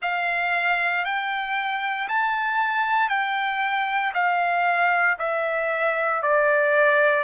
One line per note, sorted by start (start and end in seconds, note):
0.02 1.04 F5
1.04 2.08 G5
2.08 3.09 A5
3.09 4.12 G5
4.14 5.17 F5
5.19 6.22 E5
6.22 7.23 D5